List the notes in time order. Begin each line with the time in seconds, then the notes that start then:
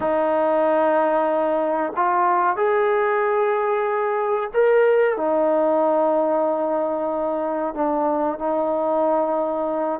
0.00 D#4
1.95 F4
2.56 G#4
4.53 A#4
5.16 D#4
7.74 D4
8.38 D#4